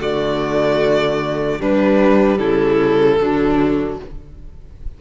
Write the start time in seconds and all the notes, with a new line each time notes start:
0.00 D3 A3 F#4 D5
1.59 G3 D4 B4
2.38 C#3 E4 A4
3.20 D3 F#3 D4